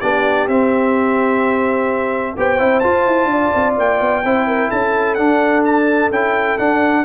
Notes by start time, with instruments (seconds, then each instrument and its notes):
0.00 tuba B3, trombone D4, horn G4, trumpet D5
0.47 tuba C4, trombone C4, trumpet E5
2.37 tuba B3, trombone G4, horn C5, trumpet G5
2.58 tuba C4, trombone E4
2.80 trombone F4, tuba F4, trumpet A5
3.07 tuba E4
3.25 tuba D4, horn D5
3.54 tuba C4
3.78 tuba A#3, trumpet G5
4.00 tuba B3
4.24 tuba C4, trombone E4, horn C5
4.47 horn A#4
4.69 tuba C#4, horn A4, trumpet A5
5.15 trombone D4, tuba D4, trumpet F#5
5.64 trumpet A5
6.10 tuba C#4, trombone E4, trumpet G5
6.58 tuba D4, trombone D4, trumpet F#5